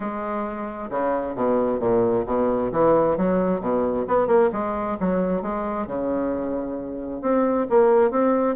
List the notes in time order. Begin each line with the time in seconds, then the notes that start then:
0.00 G#3
0.90 C#3
1.35 B2
1.79 A#2
2.26 B2
2.71 E3
3.17 F#3
3.60 B2
4.07 B3
4.27 A#3
4.52 G#3
5.00 F#3
5.42 G#3
5.86 C#3
7.21 C4
7.69 A#3
8.10 C4